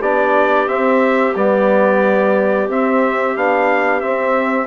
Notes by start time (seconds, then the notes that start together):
0.00 B3 D4 G4 D5
0.67 C4 E5
1.36 G3 B3 D5
2.68 C4 E5
3.36 B3 D4 F5
4.01 C4 E5